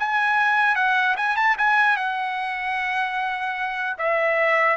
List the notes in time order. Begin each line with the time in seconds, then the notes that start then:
0.00 G#5
0.76 F#5
1.17 G#5
1.36 A5
1.58 G#5
1.97 F#5
3.99 E5